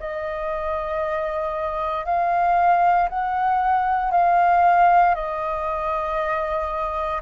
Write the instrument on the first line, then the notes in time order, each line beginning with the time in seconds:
flute
0.00 D#5
2.06 F5
3.09 F#5
4.12 F5
5.15 D#5